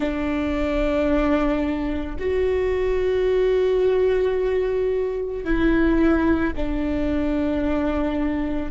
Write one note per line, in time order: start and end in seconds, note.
0.00 2.16 D4
2.19 5.44 F#4
5.44 6.53 E4
6.56 8.71 D4